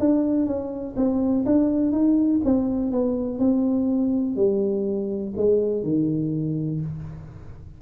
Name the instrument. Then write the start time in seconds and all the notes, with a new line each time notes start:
tuba
0.00 D4
0.47 C#4
0.97 C4
1.46 D4
1.92 D#4
2.45 C4
2.92 B3
3.39 C4
4.36 G3
5.37 G#3
5.84 D#3